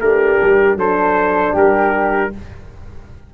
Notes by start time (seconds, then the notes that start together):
0.00 A3 D4 G4 A#4
0.42 G3
0.75 F#3 D4 A4 C5
1.53 G3 G4 A#4